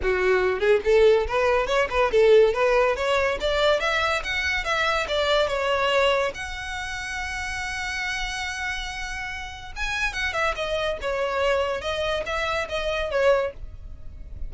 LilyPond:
\new Staff \with { instrumentName = "violin" } { \time 4/4 \tempo 4 = 142 fis'4. gis'8 a'4 b'4 | cis''8 b'8 a'4 b'4 cis''4 | d''4 e''4 fis''4 e''4 | d''4 cis''2 fis''4~ |
fis''1~ | fis''2. gis''4 | fis''8 e''8 dis''4 cis''2 | dis''4 e''4 dis''4 cis''4 | }